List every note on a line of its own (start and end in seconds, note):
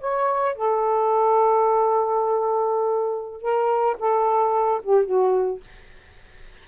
0.00 0.55 C#5
0.55 3.41 A4
3.41 3.96 A#4
3.98 4.81 A4
4.83 5.05 G4
5.05 5.60 F#4